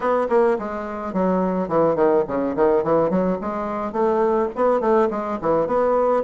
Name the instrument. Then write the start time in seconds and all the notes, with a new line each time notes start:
bassoon
0.00 B3
0.29 A#3
0.58 G#3
1.13 F#3
1.68 E3
1.95 D#3
2.27 C#3
2.55 D#3
2.83 E3
3.10 F#3
3.41 G#3
3.92 A3
4.55 B3
4.80 A3
5.10 G#3
5.41 E3
5.67 B3